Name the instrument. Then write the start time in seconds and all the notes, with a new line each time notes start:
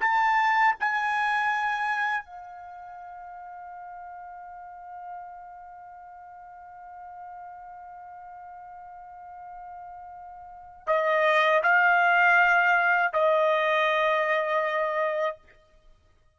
trumpet
0.00 A5
0.80 G#5
2.25 F5
10.86 D#5
11.63 F5
13.12 D#5